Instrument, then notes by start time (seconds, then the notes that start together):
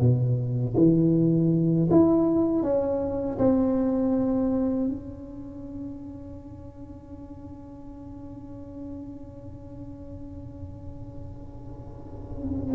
tuba
0.00 B2
0.77 E3
1.91 E4
2.63 C#4
3.39 C4
4.89 C#4